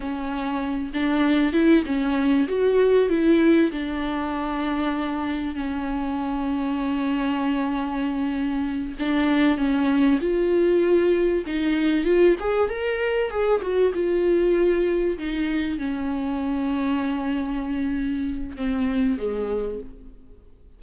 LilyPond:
\new Staff \with { instrumentName = "viola" } { \time 4/4 \tempo 4 = 97 cis'4. d'4 e'8 cis'4 | fis'4 e'4 d'2~ | d'4 cis'2.~ | cis'2~ cis'8 d'4 cis'8~ |
cis'8 f'2 dis'4 f'8 | gis'8 ais'4 gis'8 fis'8 f'4.~ | f'8 dis'4 cis'2~ cis'8~ | cis'2 c'4 gis4 | }